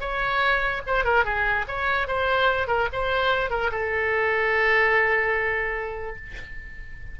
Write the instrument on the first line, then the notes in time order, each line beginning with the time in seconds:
oboe
0.00 C#5
0.86 C5
1.04 A#4
1.24 G#4
1.68 C#5
2.07 C5
2.67 A#4
2.92 C5
3.50 A#4
3.71 A4